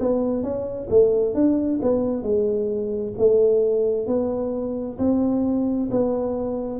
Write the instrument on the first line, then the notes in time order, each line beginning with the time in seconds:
tuba
0.00 B3
0.43 C#4
0.90 A3
1.34 D4
1.82 B3
2.23 G#3
3.18 A3
4.07 B3
4.98 C4
5.90 B3